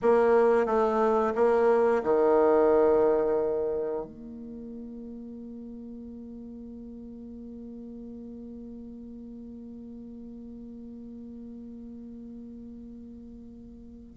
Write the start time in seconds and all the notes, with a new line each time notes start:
0.02 A#3
0.66 A3
1.35 A#3
2.03 D#3
4.05 A#3